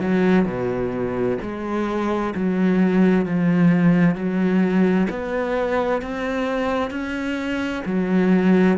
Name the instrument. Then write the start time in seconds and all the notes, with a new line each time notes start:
cello
0.00 F#3
0.45 B2
1.41 G#3
2.35 F#3
3.25 F3
4.15 F#3
5.10 B3
6.01 C4
6.90 C#4
7.85 F#3